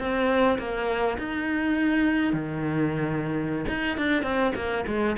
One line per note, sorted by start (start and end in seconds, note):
0.00 0.59 C4
0.59 1.18 A#3
1.18 2.33 D#4
2.33 3.66 D#3
3.69 3.98 D#4
3.98 4.23 D4
4.23 4.53 C4
4.56 4.85 A#3
4.87 5.17 G#3